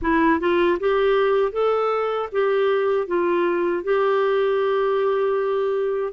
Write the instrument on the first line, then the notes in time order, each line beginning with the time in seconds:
clarinet
0.01 E4
0.40 F4
0.79 G4
1.52 A4
2.31 G4
3.07 F4
3.83 G4